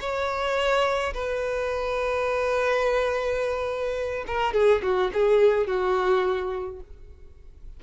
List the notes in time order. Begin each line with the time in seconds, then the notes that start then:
0.00 C#5
1.13 B4
4.27 A#4
4.53 G#4
4.82 F#4
5.13 G#4
5.67 F#4